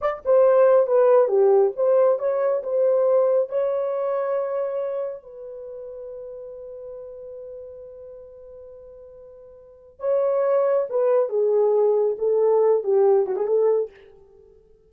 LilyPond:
\new Staff \with { instrumentName = "horn" } { \time 4/4 \tempo 4 = 138 d''8 c''4. b'4 g'4 | c''4 cis''4 c''2 | cis''1 | b'1~ |
b'1~ | b'2. cis''4~ | cis''4 b'4 gis'2 | a'4. g'4 fis'16 gis'16 a'4 | }